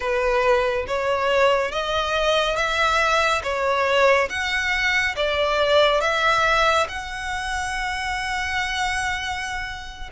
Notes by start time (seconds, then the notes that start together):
0.00 B4
0.87 C#5
1.71 D#5
2.56 E5
3.43 C#5
4.29 F#5
5.16 D5
6.00 E5
6.88 F#5